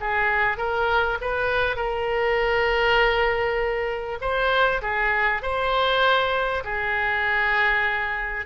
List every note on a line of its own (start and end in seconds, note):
0.00 0.57 G#4
0.57 1.18 A#4
1.21 1.76 B4
1.76 4.18 A#4
4.21 4.81 C5
4.82 5.42 G#4
5.42 6.63 C5
6.64 8.46 G#4